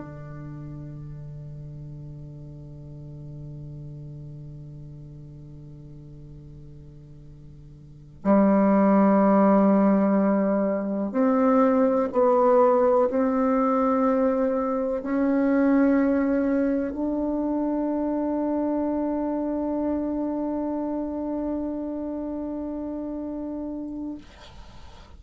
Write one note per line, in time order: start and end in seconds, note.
0.00 8.23 D3
8.23 11.12 G3
11.12 12.08 C4
12.12 13.09 B3
13.10 15.02 C4
15.02 16.92 C#4
16.92 24.18 D4